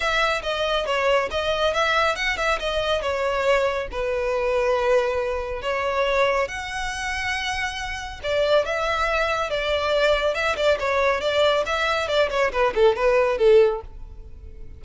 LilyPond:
\new Staff \with { instrumentName = "violin" } { \time 4/4 \tempo 4 = 139 e''4 dis''4 cis''4 dis''4 | e''4 fis''8 e''8 dis''4 cis''4~ | cis''4 b'2.~ | b'4 cis''2 fis''4~ |
fis''2. d''4 | e''2 d''2 | e''8 d''8 cis''4 d''4 e''4 | d''8 cis''8 b'8 a'8 b'4 a'4 | }